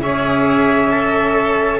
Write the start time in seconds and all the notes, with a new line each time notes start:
0.00 C#4 G#4 C#5 E5
0.91 A4